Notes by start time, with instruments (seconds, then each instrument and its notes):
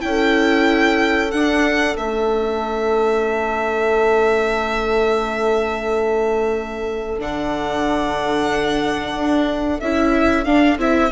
0.00 bassoon C#4, viola E4, saxophone A4, violin G5
1.32 viola D4, bassoon D4, violin F#5
1.97 bassoon A3, viola C#4, violin E5
7.19 bassoon D3, viola D4, violin F#5
9.15 bassoon D4
9.81 bassoon C#4, viola E4, violin E5
10.45 viola D4, bassoon D4, violin F5
10.79 bassoon C4, viola E4, violin E5